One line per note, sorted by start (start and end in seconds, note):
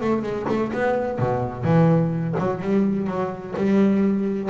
0.00 0.22 A3
0.22 0.46 G#3
0.48 0.72 A3
0.72 1.18 B3
1.18 1.64 B2
1.64 2.35 E3
2.38 2.61 F#3
2.61 3.06 G3
3.06 3.54 F#3
3.56 4.49 G3